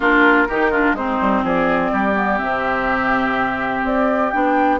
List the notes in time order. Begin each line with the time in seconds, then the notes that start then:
0.00 A#3 D4 F4 A#4
0.48 D#3 D#4 G4
0.71 D4 F4
0.93 G#3 C4 D#4 C5
1.21 G3
1.43 F3 G#4 D5
1.92 G3 G4
2.14 B3
2.38 C3 C4 E5
3.83 C4 D5
4.30 B3 D4 G5